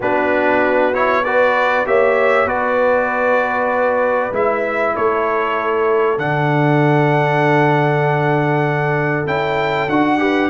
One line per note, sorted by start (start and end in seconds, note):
0.00 1.85 B3
0.00 0.93 D4
0.00 1.23 F#4
0.00 0.94 B4
0.93 1.24 E4
0.93 1.24 C#5
1.24 1.85 F#4
1.24 1.87 B4
1.24 1.86 D5
1.85 2.45 A#3
1.85 2.46 G4
1.85 2.47 C#5
1.85 2.48 E5
2.45 4.30 B3
2.45 4.32 F#4
2.45 4.94 B4
2.45 4.34 D5
4.31 4.93 G#3
4.31 6.17 E4
4.31 4.95 E5
4.95 6.17 A3
4.95 10.20 A4
4.95 6.19 C#5
6.17 9.26 D3
6.17 9.26 D4
6.17 9.27 F#5
9.26 9.88 C#4
9.26 9.88 E4
9.26 9.89 G5
9.89 10.50 D4
9.89 10.19 F#4
9.89 10.50 F#5
10.19 10.49 G4
10.19 10.50 B4